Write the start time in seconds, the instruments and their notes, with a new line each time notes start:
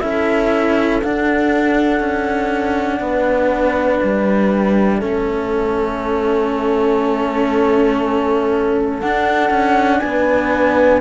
0.00 cello C#4 E4, horn A4, flute E5
1.03 cello D4, flute F#5
2.00 cello C#4
3.00 cello B3, horn B4
4.00 cello G3, flute E5
4.99 cello A3 C#4, horn A4
9.00 cello D4, flute F#5
9.50 cello C#4
9.99 cello B3, horn B4, flute G#5